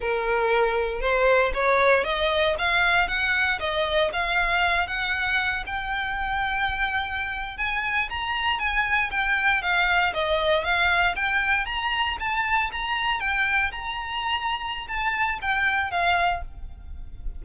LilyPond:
\new Staff \with { instrumentName = "violin" } { \time 4/4 \tempo 4 = 117 ais'2 c''4 cis''4 | dis''4 f''4 fis''4 dis''4 | f''4. fis''4. g''4~ | g''2~ g''8. gis''4 ais''16~ |
ais''8. gis''4 g''4 f''4 dis''16~ | dis''8. f''4 g''4 ais''4 a''16~ | a''8. ais''4 g''4 ais''4~ ais''16~ | ais''4 a''4 g''4 f''4 | }